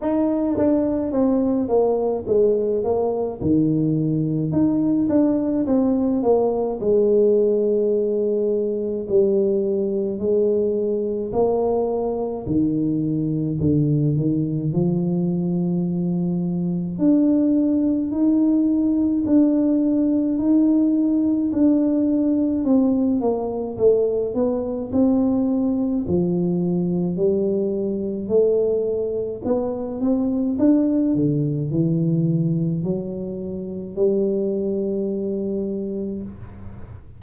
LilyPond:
\new Staff \with { instrumentName = "tuba" } { \time 4/4 \tempo 4 = 53 dis'8 d'8 c'8 ais8 gis8 ais8 dis4 | dis'8 d'8 c'8 ais8 gis2 | g4 gis4 ais4 dis4 | d8 dis8 f2 d'4 |
dis'4 d'4 dis'4 d'4 | c'8 ais8 a8 b8 c'4 f4 | g4 a4 b8 c'8 d'8 d8 | e4 fis4 g2 | }